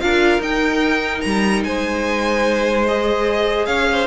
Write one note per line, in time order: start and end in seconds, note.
0.00 0.38 D4
0.00 0.41 F4
0.00 1.66 A#4
0.00 0.41 F5
0.38 1.20 D#4
0.38 2.87 D#4
0.38 1.21 G5
1.21 1.64 G3
1.21 1.62 A#5
1.64 3.67 G#3
1.64 3.67 C5
1.64 2.86 G#5
2.87 4.07 G#4
2.87 3.66 D#5
3.66 4.07 C#4
3.66 3.88 C#5
3.66 4.07 F5
3.92 4.07 C5